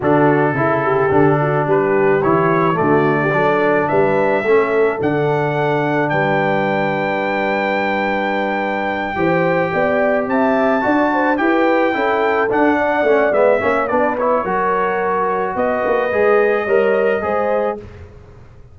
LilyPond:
<<
  \new Staff \with { instrumentName = "trumpet" } { \time 4/4 \tempo 4 = 108 a'2. b'4 | cis''4 d''2 e''4~ | e''4 fis''2 g''4~ | g''1~ |
g''2~ g''8 a''4.~ | a''8 g''2 fis''4. | e''4 d''8 cis''2~ cis''8 | dis''1 | }
  \new Staff \with { instrumentName = "horn" } { \time 4/4 fis'4 e'8 g'4 fis'8 g'4~ | g'4 fis'8. g'16 a'4 b'4 | a'2. b'4~ | b'1~ |
b'8 c''4 d''4 e''4 d''8 | c''8 b'4 a'4. d''4~ | d''8 cis''8 b'4 ais'2 | b'2 cis''4 c''4 | }
  \new Staff \with { instrumentName = "trombone" } { \time 4/4 d'4 e'4 d'2 | e'4 a4 d'2 | cis'4 d'2.~ | d'1~ |
d'8 g'2. fis'8~ | fis'8 g'4 e'4 d'4 cis'8 | b8 cis'8 d'8 e'8 fis'2~ | fis'4 gis'4 ais'4 gis'4 | }
  \new Staff \with { instrumentName = "tuba" } { \time 4/4 d4 cis4 d4 g4 | e4 d4 fis4 g4 | a4 d2 g4~ | g1~ |
g8 e4 b4 c'4 d'8~ | d'8 e'4 cis'4 d'4 a8 | gis8 ais8 b4 fis2 | b8 ais8 gis4 g4 gis4 | }
>>